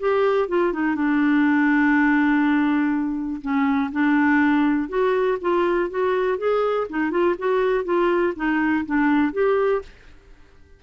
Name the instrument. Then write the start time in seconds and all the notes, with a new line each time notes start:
clarinet
0.00 G4
0.49 F4
0.74 D#4
0.96 D4
3.42 C#4
3.93 D4
4.90 F#4
5.42 F4
5.91 F#4
6.39 G#4
6.90 D#4
7.11 F4
7.39 F#4
7.85 F4
8.37 D#4
8.86 D4
9.33 G4